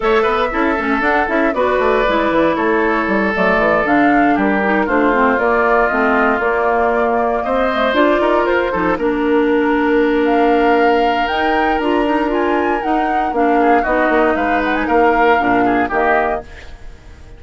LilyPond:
<<
  \new Staff \with { instrumentName = "flute" } { \time 4/4 \tempo 4 = 117 e''2 fis''8 e''8 d''4~ | d''4 cis''4. d''4 f''8~ | f''8 ais'4 c''4 d''4 dis''8~ | dis''8 d''2 dis''4 d''8~ |
d''8 c''4 ais'2~ ais'8 | f''2 g''4 ais''4 | gis''4 fis''4 f''4 dis''4 | f''8 fis''16 gis''16 f''2 dis''4 | }
  \new Staff \with { instrumentName = "oboe" } { \time 4/4 cis''8 b'8 a'2 b'4~ | b'4 a'2.~ | a'8 g'4 f'2~ f'8~ | f'2~ f'8 c''4. |
ais'4 a'8 ais'2~ ais'8~ | ais'1~ | ais'2~ ais'8 gis'8 fis'4 | b'4 ais'4. gis'8 g'4 | }
  \new Staff \with { instrumentName = "clarinet" } { \time 4/4 a'4 e'8 cis'8 d'8 e'8 fis'4 | e'2~ e'8 a4 d'8~ | d'4 dis'8 d'8 c'8 ais4 c'8~ | c'8 ais2~ ais8 a8 f'8~ |
f'4 dis'8 d'2~ d'8~ | d'2 dis'4 f'8 dis'8 | f'4 dis'4 d'4 dis'4~ | dis'2 d'4 ais4 | }
  \new Staff \with { instrumentName = "bassoon" } { \time 4/4 a8 b8 cis'8 a8 d'8 cis'8 b8 a8 | gis8 e8 a4 g8 fis8 e8 d8~ | d8 g4 a4 ais4 a8~ | a8 ais2 c'4 d'8 |
dis'8 f'8 f8 ais2~ ais8~ | ais2 dis'4 d'4~ | d'4 dis'4 ais4 b8 ais8 | gis4 ais4 ais,4 dis4 | }
>>